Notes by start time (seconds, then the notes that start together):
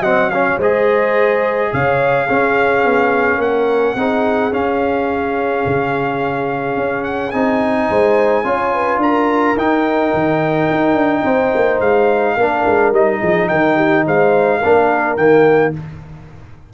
0.00 F#3 C4 D#5 F#5
0.30 C#4 C#5 F5
0.58 G#3 G#4 C5 D#5
1.73 C#3 C#5 F5
2.26 C#4 G#4
2.84 B3
3.37 A#3 A#4 F#5
3.95 C4 D#4 G#4
4.52 C#4 F5
5.66 C#3
6.76 C#4
7.04 F#5
7.30 C4 D#4 G#5
7.88 G#3 C5
8.44 C#4 F4 C#5
8.74 B4
8.98 D4 A#4 A#5
9.56 D#4 G5
10.13 D#3
10.70 D#4
10.94 D4
11.22 C4 C5
11.55 A#3
11.80 G#3 F5
12.37 A#3 D4 A#4
12.65 G#3
12.92 G3 D#4 D#5
13.20 F3 G#4
13.48 D#3 A#4 G5
13.75 G4
14.06 G#3 C5 F5
14.59 A#3 D4 A#4
15.16 D#3 A#3 G5